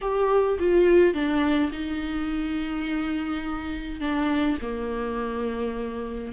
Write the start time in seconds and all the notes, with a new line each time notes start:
0.01 G4
0.59 F4
1.14 D4
1.71 D#4
4.00 D4
4.61 A#3